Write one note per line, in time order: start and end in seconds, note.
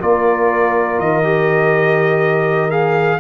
0.00 0.99 A#3
0.00 1.24 F4
0.00 3.20 A#4
0.00 1.00 D5
0.99 3.20 D#3
0.99 2.71 D#5
1.24 2.71 G4
2.71 3.20 G#4
2.71 3.20 F5